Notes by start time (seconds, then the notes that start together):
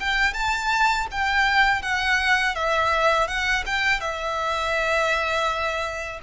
0.00 G5
0.34 A5
1.11 G5
1.82 F#5
2.55 E5
3.28 F#5
3.66 G5
4.00 E5